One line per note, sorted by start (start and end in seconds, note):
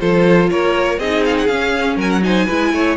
0.00 0.51 F3
0.00 0.99 F4
0.00 0.50 A4
0.00 0.50 C5
0.50 0.98 A#3
0.50 0.99 A#4
0.50 0.99 C#5
0.98 1.48 C4
0.98 1.49 D#4
0.98 1.97 G#4
0.98 1.24 D#5
1.24 1.37 F5
1.38 1.47 F#5
1.47 1.96 C#4
1.47 2.22 C#4
1.47 1.96 F5
1.96 2.46 F#3
1.96 2.22 A#4
1.96 2.10 G#5
2.10 2.23 F#5
2.22 2.47 D#4
2.22 2.46 C5
2.22 2.96 G#5
2.46 2.73 G#3
2.46 2.96 E4
2.46 2.71 B4
2.73 2.96 A3
2.73 2.96 C#5